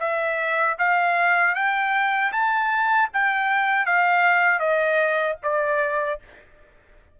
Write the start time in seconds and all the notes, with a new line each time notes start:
0.00 E5
0.79 F5
1.55 G5
2.33 A5
3.14 G5
3.86 F5
4.59 D#5
5.43 D5